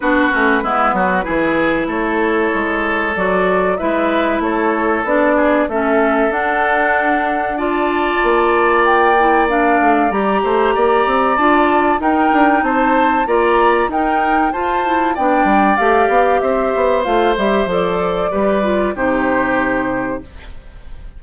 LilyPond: <<
  \new Staff \with { instrumentName = "flute" } { \time 4/4 \tempo 4 = 95 b'2. cis''4~ | cis''4 d''4 e''4 cis''4 | d''4 e''4 fis''2 | a''2 g''4 f''4 |
ais''2 a''4 g''4 | a''4 ais''4 g''4 a''4 | g''4 f''4 e''4 f''8 e''8 | d''2 c''2 | }
  \new Staff \with { instrumentName = "oboe" } { \time 4/4 fis'4 e'8 fis'8 gis'4 a'4~ | a'2 b'4 a'4~ | a'8 gis'8 a'2. | d''1~ |
d''8 c''8 d''2 ais'4 | c''4 d''4 ais'4 c''4 | d''2 c''2~ | c''4 b'4 g'2 | }
  \new Staff \with { instrumentName = "clarinet" } { \time 4/4 d'8 cis'8 b4 e'2~ | e'4 fis'4 e'2 | d'4 cis'4 d'2 | f'2~ f'8 e'8 d'4 |
g'2 f'4 dis'4~ | dis'4 f'4 dis'4 f'8 e'8 | d'4 g'2 f'8 g'8 | a'4 g'8 f'8 dis'2 | }
  \new Staff \with { instrumentName = "bassoon" } { \time 4/4 b8 a8 gis8 fis8 e4 a4 | gis4 fis4 gis4 a4 | b4 a4 d'2~ | d'4 ais2~ ais8 a8 |
g8 a8 ais8 c'8 d'4 dis'8 d'8 | c'4 ais4 dis'4 f'4 | b8 g8 a8 b8 c'8 b8 a8 g8 | f4 g4 c2 | }
>>